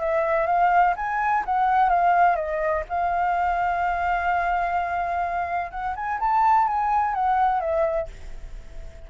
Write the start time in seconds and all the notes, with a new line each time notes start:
0.00 E5
0.47 F5
0.96 G#5
1.46 F#5
1.90 F5
2.36 D#5
2.89 F5
5.71 F#5
5.96 G#5
6.20 A5
6.68 G#5
7.14 F#5
7.61 E5